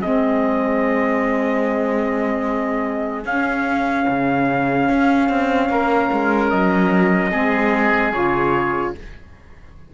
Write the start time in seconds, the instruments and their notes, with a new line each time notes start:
0.00 saxophone C4, oboe G#4, trumpet D#5
0.06 cello G#3
3.25 cello C#4, saxophone C#4, trumpet F5
4.08 cello C#3
4.89 cello C#4
5.30 cello C4
5.70 cello A#3, oboe A#4
6.13 cello G#3
6.50 cello F#3, trumpet D#5
7.31 cello G#3, saxophone C4, oboe G#4
8.13 cello C#3, saxophone F4, trumpet C#5